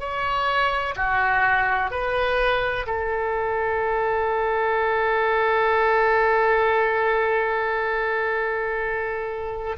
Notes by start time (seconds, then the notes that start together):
0.00 C#5
0.97 F#4
1.91 B4
2.87 A4